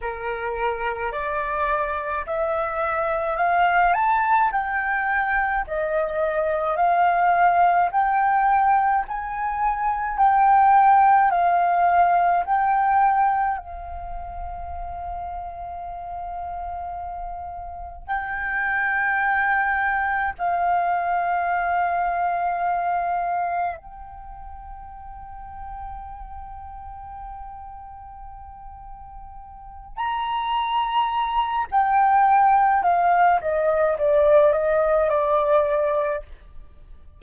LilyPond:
\new Staff \with { instrumentName = "flute" } { \time 4/4 \tempo 4 = 53 ais'4 d''4 e''4 f''8 a''8 | g''4 dis''4 f''4 g''4 | gis''4 g''4 f''4 g''4 | f''1 |
g''2 f''2~ | f''4 g''2.~ | g''2~ g''8 ais''4. | g''4 f''8 dis''8 d''8 dis''8 d''4 | }